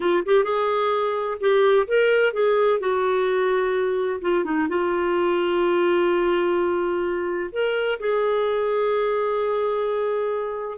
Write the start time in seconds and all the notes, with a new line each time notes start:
0.00 F4
0.25 G4
0.44 G#4
1.40 G4
1.87 A#4
2.33 G#4
2.79 F#4
4.21 F4
4.44 D#4
4.68 F4
7.52 A#4
7.99 G#4